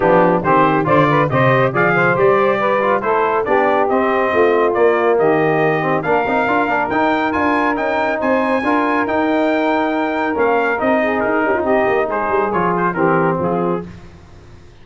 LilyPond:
<<
  \new Staff \with { instrumentName = "trumpet" } { \time 4/4 \tempo 4 = 139 g'4 c''4 d''4 dis''4 | f''4 d''2 c''4 | d''4 dis''2 d''4 | dis''2 f''2 |
g''4 gis''4 g''4 gis''4~ | gis''4 g''2. | f''4 dis''4 ais'4 dis''4 | c''4 cis''8 c''8 ais'4 gis'4 | }
  \new Staff \with { instrumentName = "saxophone" } { \time 4/4 d'4 g'4 c''8 b'8 c''4 | d''8 c''4. b'4 a'4 | g'2 f'2 | g'2 ais'2~ |
ais'2. c''4 | ais'1~ | ais'4. gis'4 g'16 f'16 g'4 | gis'2 g'4 f'4 | }
  \new Staff \with { instrumentName = "trombone" } { \time 4/4 b4 c'4 f'4 g'4 | gis'4 g'4. f'8 e'4 | d'4 c'2 ais4~ | ais4. c'8 d'8 dis'8 f'8 d'8 |
dis'4 f'4 dis'2 | f'4 dis'2. | cis'4 dis'2.~ | dis'4 f'4 c'2 | }
  \new Staff \with { instrumentName = "tuba" } { \time 4/4 f4 dis4 d4 c4 | f4 g2 a4 | b4 c'4 a4 ais4 | dis2 ais8 c'8 d'8 ais8 |
dis'4 d'4 cis'4 c'4 | d'4 dis'2. | ais4 c'4 dis'8 cis'8 c'8 ais8 | gis8 g8 f4 e4 f4 | }
>>